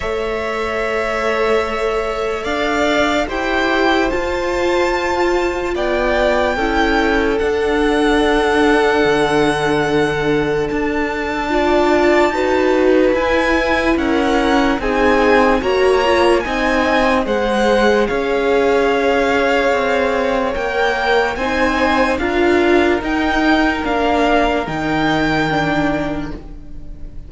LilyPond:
<<
  \new Staff \with { instrumentName = "violin" } { \time 4/4 \tempo 4 = 73 e''2. f''4 | g''4 a''2 g''4~ | g''4 fis''2.~ | fis''4 a''2. |
gis''4 fis''4 gis''4 ais''4 | gis''4 fis''4 f''2~ | f''4 g''4 gis''4 f''4 | g''4 f''4 g''2 | }
  \new Staff \with { instrumentName = "violin" } { \time 4/4 cis''2. d''4 | c''2. d''4 | a'1~ | a'2 d''4 b'4~ |
b'4 ais'4 gis'4 cis''4 | dis''4 c''4 cis''2~ | cis''2 c''4 ais'4~ | ais'1 | }
  \new Staff \with { instrumentName = "viola" } { \time 4/4 a'1 | g'4 f'2. | e'4 d'2.~ | d'2 f'4 fis'4 |
e'2 dis'4 fis'8 f'8 | dis'4 gis'2.~ | gis'4 ais'4 dis'4 f'4 | dis'4 d'4 dis'4 d'4 | }
  \new Staff \with { instrumentName = "cello" } { \time 4/4 a2. d'4 | e'4 f'2 b4 | cis'4 d'2 d4~ | d4 d'2 dis'4 |
e'4 cis'4 c'4 ais4 | c'4 gis4 cis'2 | c'4 ais4 c'4 d'4 | dis'4 ais4 dis2 | }
>>